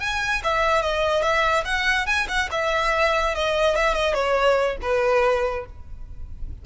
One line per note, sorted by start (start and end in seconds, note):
0.00 0.42 G#5
0.43 0.82 E5
0.82 1.22 D#5
1.22 1.64 E5
1.65 2.06 F#5
2.06 2.27 G#5
2.28 2.49 F#5
2.51 3.35 E5
3.35 3.76 D#5
3.76 3.94 E5
3.94 4.14 D#5
4.14 4.77 C#5
4.82 5.66 B4